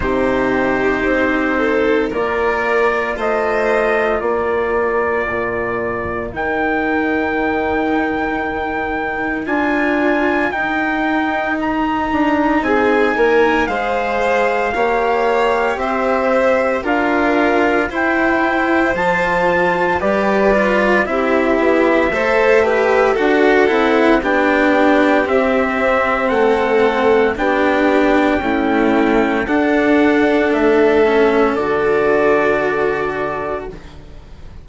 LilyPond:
<<
  \new Staff \with { instrumentName = "trumpet" } { \time 4/4 \tempo 4 = 57 c''2 d''4 dis''4 | d''2 g''2~ | g''4 gis''4 g''4 ais''4 | gis''4 f''2 e''4 |
f''4 g''4 a''4 d''4 | e''2 fis''4 g''4 | e''4 fis''4 g''2 | fis''4 e''4 d''2 | }
  \new Staff \with { instrumentName = "violin" } { \time 4/4 g'4. a'8 ais'4 c''4 | ais'1~ | ais'1 | gis'8 ais'8 c''4 cis''4 c''4 |
ais'4 c''2 b'4 | g'4 c''8 b'8 a'4 g'4~ | g'4 a'4 g'4 e'4 | a'1 | }
  \new Staff \with { instrumentName = "cello" } { \time 4/4 dis'2 f'2~ | f'2 dis'2~ | dis'4 f'4 dis'2~ | dis'4 gis'4 g'2 |
f'4 e'4 f'4 g'8 f'8 | e'4 a'8 g'8 fis'8 e'8 d'4 | c'2 d'4 a4 | d'4. cis'8 fis'2 | }
  \new Staff \with { instrumentName = "bassoon" } { \time 4/4 c4 c'4 ais4 a4 | ais4 ais,4 dis2~ | dis4 d'4 dis'4. d'8 | c'8 ais8 gis4 ais4 c'4 |
d'4 e'4 f4 g4 | c'8 b8 a4 d'8 c'8 b4 | c'4 a4 b4 cis'4 | d'4 a4 d2 | }
>>